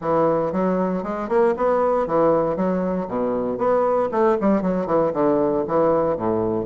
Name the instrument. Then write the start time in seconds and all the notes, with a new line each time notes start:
bassoon
0.01 E3
0.52 F#3
1.03 G#3
1.28 A#3
1.56 B3
2.07 E3
2.56 F#3
3.08 B2
3.58 B3
4.11 A3
4.40 G3
4.62 F#3
4.86 E3
5.13 D3
5.67 E3
6.16 A2